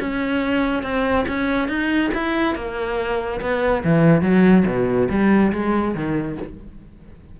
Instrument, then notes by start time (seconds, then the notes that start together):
cello
0.00 C#4
0.83 C4
1.28 C#4
1.68 D#4
2.14 E4
2.55 A#3
3.41 B3
3.84 E3
4.21 F#3
4.66 B2
5.09 G3
5.52 G#3
5.95 D#3